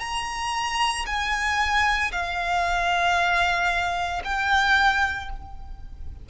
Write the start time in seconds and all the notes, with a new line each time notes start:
0.00 A#5
1.06 G#5
2.12 F5
4.24 G5